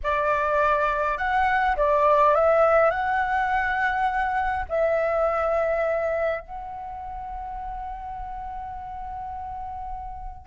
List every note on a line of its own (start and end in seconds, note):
0.03 1.17 D5
1.17 1.76 F#5
1.76 2.34 D5
2.34 2.90 E5
2.90 4.65 F#5
4.69 6.40 E5
6.40 10.46 F#5